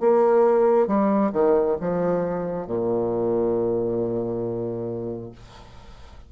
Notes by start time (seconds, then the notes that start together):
0.00 A#3
0.87 G3
1.32 D#3
1.80 F3
2.67 A#2